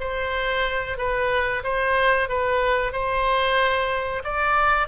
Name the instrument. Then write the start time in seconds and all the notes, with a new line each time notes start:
oboe
0.00 C5
0.98 B4
1.64 C5
2.29 B4
2.93 C5
4.24 D5